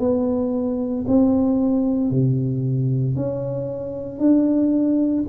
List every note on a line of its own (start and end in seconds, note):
0.00 1.05 B3
1.08 2.11 C4
2.11 3.16 C3
3.16 4.19 C#4
4.19 5.24 D4